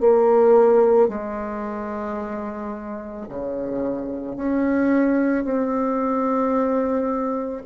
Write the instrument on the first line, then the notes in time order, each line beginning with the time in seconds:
bassoon
0.00 A#3
1.09 G#3
3.29 C#3
4.36 C#4
5.44 C4